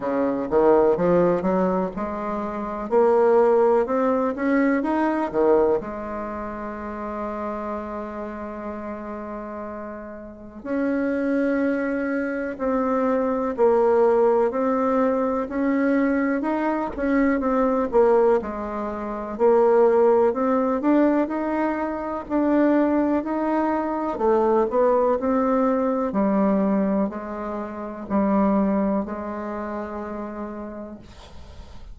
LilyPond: \new Staff \with { instrumentName = "bassoon" } { \time 4/4 \tempo 4 = 62 cis8 dis8 f8 fis8 gis4 ais4 | c'8 cis'8 dis'8 dis8 gis2~ | gis2. cis'4~ | cis'4 c'4 ais4 c'4 |
cis'4 dis'8 cis'8 c'8 ais8 gis4 | ais4 c'8 d'8 dis'4 d'4 | dis'4 a8 b8 c'4 g4 | gis4 g4 gis2 | }